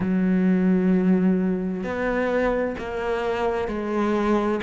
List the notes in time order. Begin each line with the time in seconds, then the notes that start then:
0.00 F#3
1.83 B3
2.78 A#3
3.68 G#3